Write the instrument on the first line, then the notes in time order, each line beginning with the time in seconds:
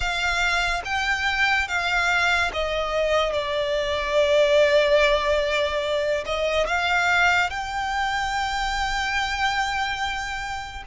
violin
0.00 F5
0.84 G5
1.67 F5
2.53 D#5
3.32 D5
6.25 D#5
6.66 F5
7.50 G5